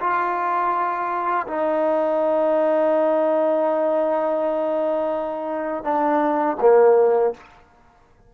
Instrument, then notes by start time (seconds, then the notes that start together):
trombone
0.00 F4
1.47 D#4
5.83 D4
6.61 A#3